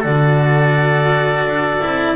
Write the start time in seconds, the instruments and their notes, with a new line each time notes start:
0.00 double bass D3, cello F#4, trumpet A4, clarinet D5
1.45 double bass D4
1.81 double bass C4, cello E4